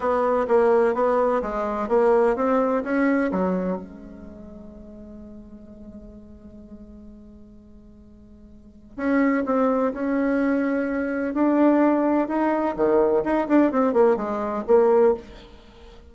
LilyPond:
\new Staff \with { instrumentName = "bassoon" } { \time 4/4 \tempo 4 = 127 b4 ais4 b4 gis4 | ais4 c'4 cis'4 fis4 | gis1~ | gis1~ |
gis2. cis'4 | c'4 cis'2. | d'2 dis'4 dis4 | dis'8 d'8 c'8 ais8 gis4 ais4 | }